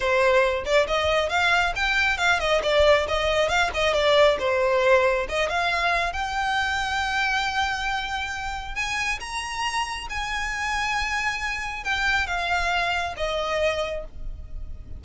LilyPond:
\new Staff \with { instrumentName = "violin" } { \time 4/4 \tempo 4 = 137 c''4. d''8 dis''4 f''4 | g''4 f''8 dis''8 d''4 dis''4 | f''8 dis''8 d''4 c''2 | dis''8 f''4. g''2~ |
g''1 | gis''4 ais''2 gis''4~ | gis''2. g''4 | f''2 dis''2 | }